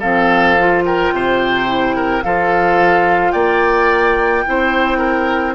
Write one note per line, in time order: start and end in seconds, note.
0.00 1.12 F3
0.00 0.57 C4
0.00 0.83 A4
0.00 0.84 F5
0.59 1.66 F4
0.84 1.13 A#4
0.84 2.23 G5
1.12 2.23 C3
1.12 1.96 C5
1.66 2.22 E4
1.96 2.24 A#4
2.23 3.33 F3
2.23 4.45 F4
2.23 3.32 A4
2.23 3.31 F5
3.31 4.44 A#3
3.31 4.43 D5
3.31 5.54 G5
4.45 5.55 C4
4.45 5.55 E4
4.45 4.98 C5
4.98 5.53 A#4